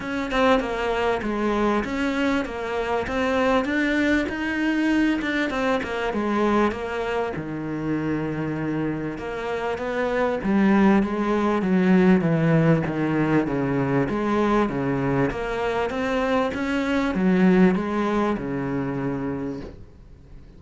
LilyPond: \new Staff \with { instrumentName = "cello" } { \time 4/4 \tempo 4 = 98 cis'8 c'8 ais4 gis4 cis'4 | ais4 c'4 d'4 dis'4~ | dis'8 d'8 c'8 ais8 gis4 ais4 | dis2. ais4 |
b4 g4 gis4 fis4 | e4 dis4 cis4 gis4 | cis4 ais4 c'4 cis'4 | fis4 gis4 cis2 | }